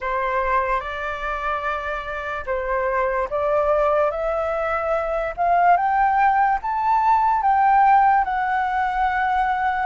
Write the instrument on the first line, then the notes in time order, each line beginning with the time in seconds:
flute
0.00 C5
0.80 D5
2.46 C5
3.30 D5
4.11 E5
5.36 F5
5.76 G5
6.62 A5
7.42 G5
8.24 F#5